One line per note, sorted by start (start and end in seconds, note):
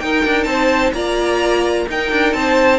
0.00 0.95 D#4
0.00 0.25 D#4
0.00 0.48 A#4
0.00 0.44 G5
0.26 0.46 D4
0.44 0.92 C4
0.44 0.93 C5
0.44 0.91 A5
0.93 1.87 A#3
0.93 1.88 F4
0.93 1.87 D5
0.93 1.87 A#5
1.89 2.12 D#4
1.89 2.79 D#4
1.89 2.37 A#4
1.89 2.33 G5
2.12 2.34 D4
2.33 2.79 C4
2.33 2.79 C5
2.33 2.79 A5